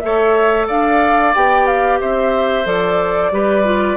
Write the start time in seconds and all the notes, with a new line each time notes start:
0.00 A3 A4 C#5 E5
0.67 D4 D5 F5
1.35 B3 G4 G5
1.66 F5
2.01 C4 C5 E5
2.66 F3 A4 D5
3.31 G3 G4 B4
3.65 F4